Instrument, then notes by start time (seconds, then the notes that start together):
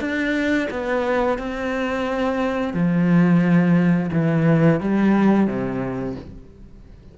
cello
0.00 D4
0.70 B3
1.38 C4
2.73 F3
4.12 E3
4.80 G3
5.47 C3